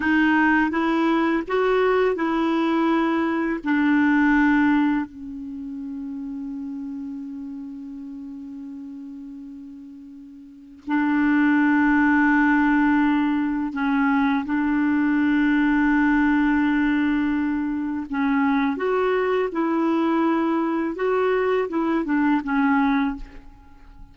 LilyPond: \new Staff \with { instrumentName = "clarinet" } { \time 4/4 \tempo 4 = 83 dis'4 e'4 fis'4 e'4~ | e'4 d'2 cis'4~ | cis'1~ | cis'2. d'4~ |
d'2. cis'4 | d'1~ | d'4 cis'4 fis'4 e'4~ | e'4 fis'4 e'8 d'8 cis'4 | }